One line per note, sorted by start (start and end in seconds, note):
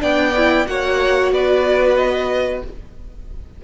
0.00 0.66 B3
0.00 0.33 D4
0.00 0.67 D5
0.00 0.66 G5
0.37 0.66 E4
0.66 1.31 A#3
0.66 2.62 F#4
0.66 1.34 C#5
0.66 1.32 F#5
1.32 2.62 B3
1.32 2.64 B4
1.32 1.96 D5
1.96 2.61 D#5